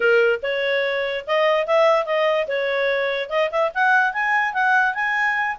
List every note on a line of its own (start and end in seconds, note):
0.00 0.39 A#4
0.42 1.25 C#5
1.26 1.66 D#5
1.66 2.05 E5
2.05 2.47 D#5
2.47 3.29 C#5
3.29 3.50 D#5
3.51 3.71 E5
3.74 4.13 F#5
4.13 4.53 G#5
4.53 4.94 F#5
4.94 5.56 G#5